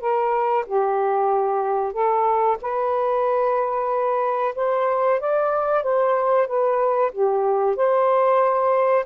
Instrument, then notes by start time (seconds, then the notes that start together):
saxophone
0.00 A#4
0.66 G4
1.93 A4
2.61 B4
4.55 C5
5.20 D5
5.83 C5
6.47 B4
7.11 G4
7.76 C5